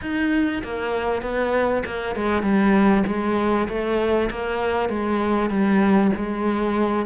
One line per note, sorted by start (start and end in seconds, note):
0.01 0.62 D#4
0.63 1.22 A#3
1.22 1.83 B3
1.86 2.15 A#3
2.15 2.42 G#3
2.42 3.03 G3
3.06 3.68 G#3
3.68 4.29 A3
4.30 4.89 A#3
4.89 5.49 G#3
5.49 6.11 G3
6.15 7.05 G#3